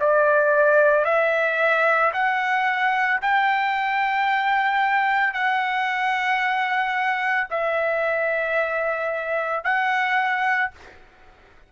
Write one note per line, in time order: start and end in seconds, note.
0.00 1.05 D5
1.05 2.12 E5
2.13 3.20 F#5
3.21 5.33 G5
5.33 7.48 F#5
7.50 9.64 E5
9.64 10.71 F#5